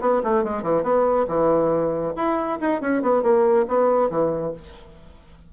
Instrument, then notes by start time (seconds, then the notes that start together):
bassoon
0.00 B3
0.23 A3
0.43 G#3
0.62 E3
0.83 B3
1.28 E3
2.15 E4
2.60 D#4
2.81 C#4
3.02 B3
3.22 A#3
3.67 B3
4.09 E3